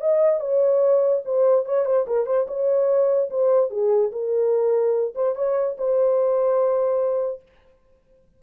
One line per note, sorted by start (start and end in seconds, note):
0.00 0.40 D#5
0.40 1.22 C#5
1.25 1.65 C5
1.65 1.85 C#5
1.85 2.05 C5
2.07 2.26 A#4
2.26 2.46 C5
2.47 3.29 C#5
3.30 3.70 C5
3.70 4.11 G#4
4.11 5.14 A#4
5.15 5.35 C5
5.35 5.76 C#5
5.77 7.42 C5